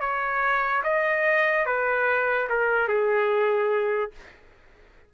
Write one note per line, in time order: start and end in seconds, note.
0.00 0.82 C#5
0.83 1.66 D#5
1.66 2.48 B4
2.49 2.88 A#4
2.88 4.11 G#4